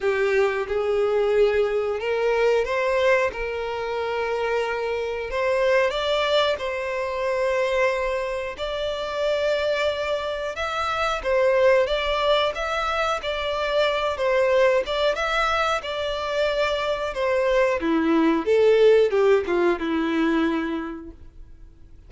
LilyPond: \new Staff \with { instrumentName = "violin" } { \time 4/4 \tempo 4 = 91 g'4 gis'2 ais'4 | c''4 ais'2. | c''4 d''4 c''2~ | c''4 d''2. |
e''4 c''4 d''4 e''4 | d''4. c''4 d''8 e''4 | d''2 c''4 e'4 | a'4 g'8 f'8 e'2 | }